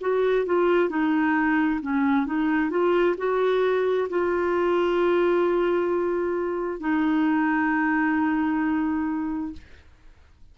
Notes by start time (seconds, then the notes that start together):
0.00 F#4
0.45 F4
0.89 D#4
1.81 C#4
2.26 D#4
2.70 F4
3.17 F#4
4.09 F4
6.79 D#4